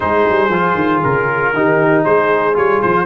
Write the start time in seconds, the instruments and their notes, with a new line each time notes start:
0.00 tuba G#3, trombone D#4, horn G#4, trumpet C5
0.28 tuba G3
0.49 tuba F3, trombone F4
0.74 tuba D#3
1.03 tuba C#3, trumpet A#4
1.53 tuba D#3, trombone D#4, horn G4
2.04 tuba G#3, horn G#4, trumpet C5
2.54 tuba G3, trombone F4, trumpet C#5
2.81 tuba F3, trumpet C5